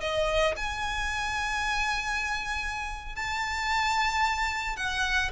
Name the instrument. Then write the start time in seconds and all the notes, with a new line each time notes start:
violin
0.00 D#5
0.56 G#5
3.15 A5
4.76 F#5